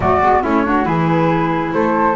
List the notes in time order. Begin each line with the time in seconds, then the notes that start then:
0.00 F#3 A3 F#4 D5
0.22 G#3 B3
0.42 A3 C#4 E4 C#5
0.64 D4 F#4
0.84 E3 E4 G#4 B4
1.73 A3 A4 C5